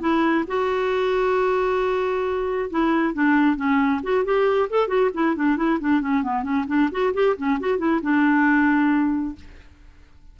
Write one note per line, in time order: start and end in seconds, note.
0.00 0.44 E4
0.47 2.69 F#4
2.70 3.14 E4
3.14 3.56 D4
3.56 4.01 C#4
4.03 4.24 F#4
4.24 4.69 G4
4.69 4.88 A4
4.88 5.10 F#4
5.14 5.35 E4
5.35 5.56 D4
5.56 5.79 E4
5.80 6.01 D4
6.01 6.23 C#4
6.23 6.43 B3
6.43 6.65 C#4
6.67 6.89 D4
6.91 7.13 F#4
7.14 7.36 G4
7.37 7.59 C#4
7.60 7.78 F#4
7.78 8.00 E4
8.02 9.35 D4